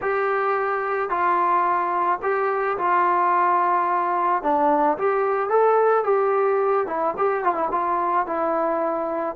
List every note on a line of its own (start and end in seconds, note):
0.01 1.09 G4
1.09 2.19 F4
2.22 2.77 G4
2.77 4.42 F4
4.42 4.97 D4
4.97 5.49 G4
5.49 6.04 A4
6.04 6.86 G4
6.87 7.14 E4
7.17 7.43 G4
7.43 7.54 F4
7.54 7.68 E4
7.71 8.26 F4
8.26 9.35 E4